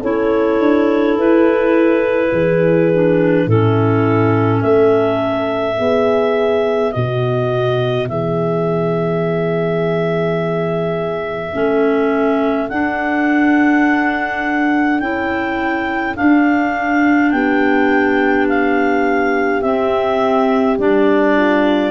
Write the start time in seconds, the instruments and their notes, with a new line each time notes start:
0.00 tuba C#4, clarinet E4 C#5, horn A4
0.59 tuba D4
1.15 tuba E4, clarinet B4
2.31 tuba E3, horn G#4
2.94 clarinet D4
3.47 tuba A2, clarinet C#4 A4, horn E4
4.62 tuba A3, horn A4, clarinet E5
5.76 clarinet B3, tuba B3, horn G#4
6.92 tuba B2, horn F#4, clarinet D#5
8.09 tuba E3, horn G#4, clarinet E5
11.53 tuba A3, clarinet C#4, horn A4
12.69 tuba D4, clarinet D4 F#5
15.00 tuba C#4, clarinet E4 G5
16.16 clarinet D4 F5, tuba D4
17.31 tuba B3, horn G4, clarinet G5
18.49 clarinet F5
19.62 tuba C4, clarinet C4 E5
20.78 tuba G3, clarinet D4 D5
21.36 horn F4